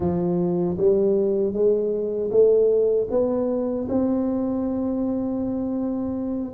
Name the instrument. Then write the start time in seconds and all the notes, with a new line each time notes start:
tuba
0.00 F3
0.77 G3
1.53 G#3
2.30 A3
3.10 B3
3.88 C4